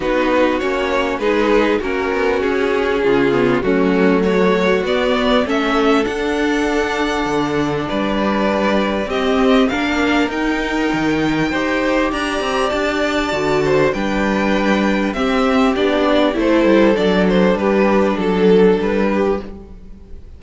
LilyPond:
<<
  \new Staff \with { instrumentName = "violin" } { \time 4/4 \tempo 4 = 99 b'4 cis''4 b'4 ais'4 | gis'2 fis'4 cis''4 | d''4 e''4 fis''2~ | fis''4 d''2 dis''4 |
f''4 g''2. | ais''4 a''2 g''4~ | g''4 e''4 d''4 c''4 | d''8 c''8 b'4 a'4 b'4 | }
  \new Staff \with { instrumentName = "violin" } { \time 4/4 fis'2 gis'4 fis'4~ | fis'4 f'4 cis'4 fis'4~ | fis'4 a'2.~ | a'4 b'2 g'4 |
ais'2. c''4 | d''2~ d''8 c''8 b'4~ | b'4 g'2 a'4~ | a'4 g'4 a'4. g'8 | }
  \new Staff \with { instrumentName = "viola" } { \time 4/4 dis'4 cis'4 dis'4 cis'4~ | cis'4. b8 a2 | b4 cis'4 d'2~ | d'2. c'4 |
d'4 dis'2 g'4~ | g'2 fis'4 d'4~ | d'4 c'4 d'4 e'4 | d'1 | }
  \new Staff \with { instrumentName = "cello" } { \time 4/4 b4 ais4 gis4 ais8 b8 | cis'4 cis4 fis2 | b4 a4 d'2 | d4 g2 c'4 |
ais4 dis'4 dis4 dis'4 | d'8 c'8 d'4 d4 g4~ | g4 c'4 b4 a8 g8 | fis4 g4 fis4 g4 | }
>>